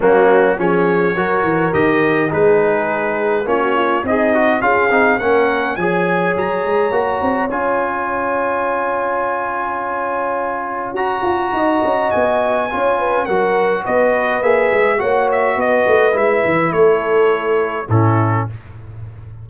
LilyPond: <<
  \new Staff \with { instrumentName = "trumpet" } { \time 4/4 \tempo 4 = 104 fis'4 cis''2 dis''4 | b'2 cis''4 dis''4 | f''4 fis''4 gis''4 ais''4~ | ais''4 gis''2.~ |
gis''2. ais''4~ | ais''4 gis''2 fis''4 | dis''4 e''4 fis''8 e''8 dis''4 | e''4 cis''2 a'4 | }
  \new Staff \with { instrumentName = "horn" } { \time 4/4 cis'4 gis'4 ais'2 | gis'2 f'16 fis'16 f'8 dis'4 | gis'4 ais'4 cis''2~ | cis''1~ |
cis''1 | dis''2 cis''8 b'8 ais'4 | b'2 cis''4 b'4~ | b'4 a'2 e'4 | }
  \new Staff \with { instrumentName = "trombone" } { \time 4/4 ais4 cis'4 fis'4 g'4 | dis'2 cis'4 gis'8 fis'8 | f'8 dis'8 cis'4 gis'2 | fis'4 f'2.~ |
f'2. fis'4~ | fis'2 f'4 fis'4~ | fis'4 gis'4 fis'2 | e'2. cis'4 | }
  \new Staff \with { instrumentName = "tuba" } { \time 4/4 fis4 f4 fis8 e8 dis4 | gis2 ais4 c'4 | cis'8 c'8 ais4 f4 fis8 gis8 | ais8 c'8 cis'2.~ |
cis'2. fis'8 f'8 | dis'8 cis'8 b4 cis'4 fis4 | b4 ais8 gis8 ais4 b8 a8 | gis8 e8 a2 a,4 | }
>>